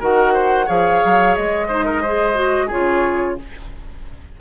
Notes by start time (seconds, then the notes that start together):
0.00 D#3 F#4 A#4 F#5
0.33 C5
0.66 F3 G#4 C#5 F5
1.05 F#3
1.35 G#3 D#5
1.68 D#4 C5
1.85 A#4
2.02 G#4 C5
2.35 F#4
2.67 F4 G#4 C#5
2.73 C#3